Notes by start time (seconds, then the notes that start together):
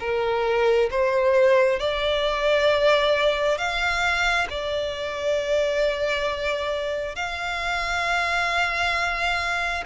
0.00 A#4
0.91 C5
1.80 D5
3.58 F5
4.50 D5
7.16 F5